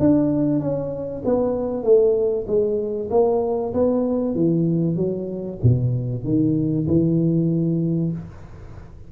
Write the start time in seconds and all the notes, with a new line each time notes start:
0.00 D4
0.60 C#4
1.25 B3
1.84 A3
2.48 G#3
3.11 A#3
3.74 B3
4.35 E3
4.96 F#3
5.63 B2
6.24 D#3
6.88 E3